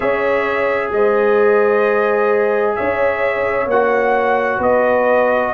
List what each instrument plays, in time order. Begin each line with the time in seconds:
0.00 tuba C#4, trombone G#4, horn C#5, trumpet E5
0.91 tuba G#3, horn C5, trumpet D#5
2.75 tuba C#4, horn C#5, trumpet E5
3.66 tuba A#3, trombone F#4, trumpet F#5
4.58 tuba B3, horn B4, trumpet D#5